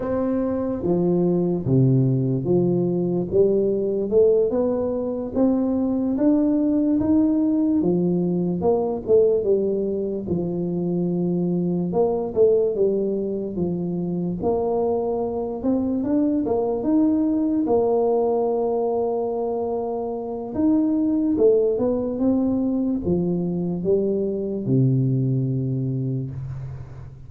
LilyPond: \new Staff \with { instrumentName = "tuba" } { \time 4/4 \tempo 4 = 73 c'4 f4 c4 f4 | g4 a8 b4 c'4 d'8~ | d'8 dis'4 f4 ais8 a8 g8~ | g8 f2 ais8 a8 g8~ |
g8 f4 ais4. c'8 d'8 | ais8 dis'4 ais2~ ais8~ | ais4 dis'4 a8 b8 c'4 | f4 g4 c2 | }